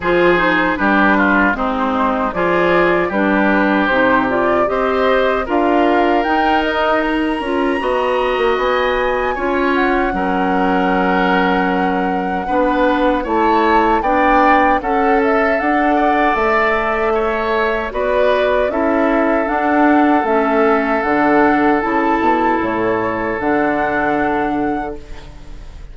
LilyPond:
<<
  \new Staff \with { instrumentName = "flute" } { \time 4/4 \tempo 4 = 77 c''4 b'4 c''4 d''4 | b'4 c''8 d''8 dis''4 f''4 | g''8 dis''8 ais''2 gis''4~ | gis''8 fis''2.~ fis''8~ |
fis''4 a''4 g''4 fis''8 e''8 | fis''4 e''2 d''4 | e''4 fis''4 e''4 fis''4 | a''4 cis''4 fis''2 | }
  \new Staff \with { instrumentName = "oboe" } { \time 4/4 gis'4 g'8 f'8 dis'4 gis'4 | g'2 c''4 ais'4~ | ais'2 dis''2 | cis''4 ais'2. |
b'4 cis''4 d''4 a'4~ | a'8 d''4. cis''4 b'4 | a'1~ | a'1 | }
  \new Staff \with { instrumentName = "clarinet" } { \time 4/4 f'8 dis'8 d'4 c'4 f'4 | d'4 dis'8 f'8 g'4 f'4 | dis'4. f'8 fis'2 | f'4 cis'2. |
d'4 e'4 d'4 a'4~ | a'2. fis'4 | e'4 d'4 cis'4 d'4 | e'2 d'2 | }
  \new Staff \with { instrumentName = "bassoon" } { \time 4/4 f4 g4 gis4 f4 | g4 c4 c'4 d'4 | dis'4. cis'8 b8. ais16 b4 | cis'4 fis2. |
b4 a4 b4 cis'4 | d'4 a2 b4 | cis'4 d'4 a4 d4 | cis8 b,8 a,4 d2 | }
>>